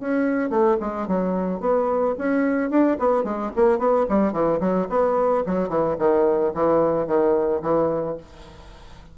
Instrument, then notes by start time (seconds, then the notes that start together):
bassoon
0.00 C#4
0.50 A3
0.80 G#3
1.07 F#3
1.60 B3
2.18 C#4
2.70 D4
2.99 B3
3.24 G#3
3.56 A#3
3.79 B3
4.09 G3
4.32 E3
4.60 F#3
4.89 B3
5.46 F#3
5.69 E3
5.98 D#3
6.54 E3
7.07 D#3
7.62 E3